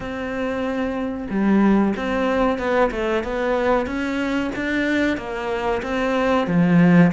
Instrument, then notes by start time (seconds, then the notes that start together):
cello
0.00 C4
1.29 G3
1.96 C4
2.58 B3
2.91 A3
3.23 B3
3.86 C#4
4.55 D4
5.17 A#3
5.82 C4
6.47 F3